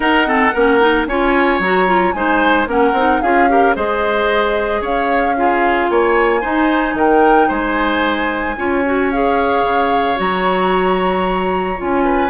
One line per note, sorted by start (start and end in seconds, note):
0.00 0.23 D#4
0.00 0.53 D#4
0.00 0.27 A#4
0.00 1.06 F#5
0.25 0.52 C4
0.25 0.53 A4
0.53 1.06 A#3
0.53 0.80 C#4
0.53 1.07 A#4
0.80 1.07 D#4
1.06 1.59 C#4
1.06 1.63 F4
1.06 2.15 C#5
1.06 1.60 G#5
1.59 2.12 F#3
1.59 1.86 F#4
1.59 2.12 A#5
1.86 2.13 F4
2.12 2.66 G#3
2.12 2.67 D#4
2.12 2.68 C5
2.12 2.66 G#5
2.66 2.93 A#3
2.66 2.94 C#4
2.66 3.22 A#4
2.66 3.21 F#5
2.93 3.19 C4
2.93 3.23 D#4
3.21 3.75 C#4
3.21 3.48 F4
3.21 3.49 G#4
3.21 3.74 F5
3.48 3.74 G4
3.48 3.75 A#4
3.74 4.81 G#3
3.74 5.35 G#4
3.74 4.81 C5
3.74 4.83 D#5
4.81 5.88 C#4
4.81 5.34 C#5
4.81 5.90 F5
5.36 6.41 F4
5.36 5.90 G#4
5.90 6.43 A#3
5.90 6.40 C#5
5.90 6.97 G#5
6.40 8.55 D#4
6.40 6.94 D#4
6.40 6.94 C5
6.94 7.47 D#3
6.94 7.48 A#4
6.94 7.52 G5
7.48 8.57 G#3
7.48 8.55 C5
7.48 9.11 G#5
8.57 9.62 C#4
8.57 8.84 F4
8.57 12.04 C#5
8.85 9.11 F#4
9.11 10.15 G#4
9.11 10.18 F5
9.62 10.16 C#3
10.15 11.80 F#3
10.15 11.76 F#4
10.15 11.80 A#5
11.77 12.30 C#4
11.77 12.30 F4
11.77 12.30 G#5
12.04 12.30 B4